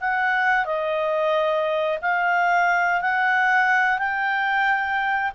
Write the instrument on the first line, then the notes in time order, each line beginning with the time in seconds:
clarinet
0.00 F#5
0.65 D#5
2.02 F5
3.01 F#5
3.98 G5